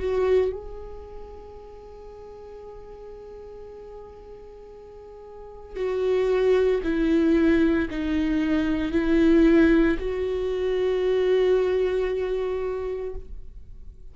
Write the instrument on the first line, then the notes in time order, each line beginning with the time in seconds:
viola
0.00 F#4
0.53 G#4
5.77 F#4
6.84 E4
7.91 D#4
8.92 E4
10.00 F#4